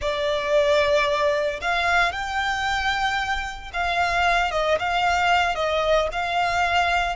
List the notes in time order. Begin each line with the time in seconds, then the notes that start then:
0.01 D5
1.61 F5
2.11 G5
3.73 F5
4.51 D#5
4.79 F5
5.55 D#5
6.12 F5